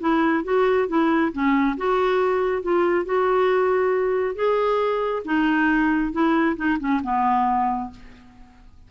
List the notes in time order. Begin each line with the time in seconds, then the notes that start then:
0.00 E4
0.44 F#4
0.88 E4
1.32 C#4
1.77 F#4
2.62 F4
3.05 F#4
4.35 G#4
5.25 D#4
6.12 E4
6.56 D#4
6.79 C#4
7.03 B3